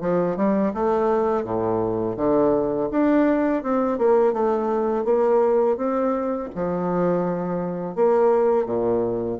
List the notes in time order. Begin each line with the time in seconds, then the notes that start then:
0.00 F3
0.36 G3
0.74 A3
1.44 A2
2.16 D3
2.91 D4
3.63 C4
3.98 A#3
4.32 A3
5.04 A#3
5.77 C4
6.55 F3
7.95 A#3
8.65 A#2